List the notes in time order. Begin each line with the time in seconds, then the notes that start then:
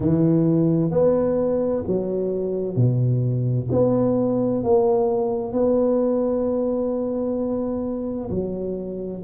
0.00 E3
0.90 B3
1.87 F#3
2.76 B2
3.71 B3
4.63 A#3
5.52 B3
8.30 F#3